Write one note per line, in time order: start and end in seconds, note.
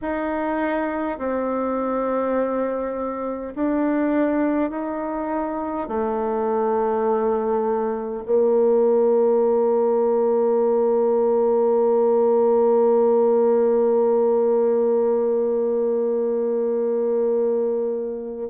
0.01 1.18 D#4
1.18 3.53 C4
3.55 4.70 D4
4.70 5.88 D#4
5.88 8.23 A3
8.25 18.49 A#3